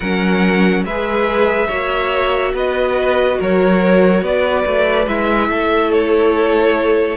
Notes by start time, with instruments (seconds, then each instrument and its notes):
0.00 cello F#3, viola C#4, violin A#4 F#5
0.84 cello G#3, viola G#4, violin B4 E5
1.67 cello A#3, viola F#4, violin C#5
2.53 cello B3, violin B4 D#5
3.38 cello F#3, violin A#4 C#5
4.22 cello B3, violin B4 D5
4.66 cello A3
5.07 cello G#3, viola E4, violin E5
5.48 cello A3, violin A4
5.92 violin C#5